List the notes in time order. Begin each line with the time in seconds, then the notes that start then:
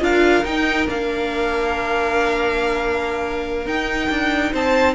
0.00 D4 F4 A#4 F5
0.45 D#4 G5
0.87 A#3 D4 F5
3.66 D#4 G5
4.10 D4
4.52 C4 C5 A5